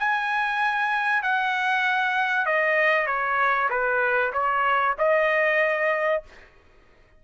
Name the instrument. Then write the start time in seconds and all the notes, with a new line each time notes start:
trumpet
0.00 G#5
1.23 F#5
2.46 D#5
3.07 C#5
3.70 B4
4.33 C#5
4.99 D#5